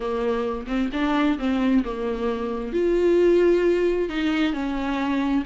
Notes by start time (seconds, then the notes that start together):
0.00 A#3
0.67 C4
0.93 D4
1.38 C4
1.84 A#3
2.72 F4
4.09 D#4
4.53 C#4